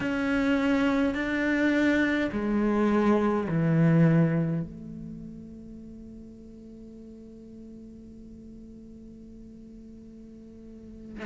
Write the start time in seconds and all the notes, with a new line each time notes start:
0.00 C#4
1.14 D4
2.32 G#3
3.48 E3
4.62 A3